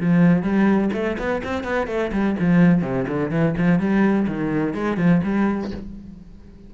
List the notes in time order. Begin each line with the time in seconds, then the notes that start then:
0.00 F3
0.42 G3
0.93 A3
1.18 B3
1.44 C4
1.64 B3
1.87 A3
2.12 G3
2.40 F3
2.82 C3
3.08 D3
3.31 E3
3.58 F3
3.79 G3
4.27 D#3
4.74 G#3
4.97 F3
5.24 G3